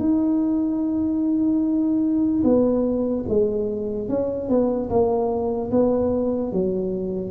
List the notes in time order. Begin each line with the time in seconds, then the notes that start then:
0.00 D#4
2.44 B3
3.29 G#3
4.09 C#4
4.49 B3
4.90 A#3
5.71 B3
6.53 F#3